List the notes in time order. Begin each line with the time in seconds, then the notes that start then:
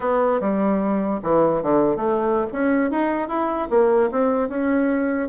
0.00 B3
0.40 G3
1.22 E3
1.62 D3
1.96 A3
2.52 C#4
2.90 D#4
3.28 E4
3.70 A#3
4.11 C4
4.48 C#4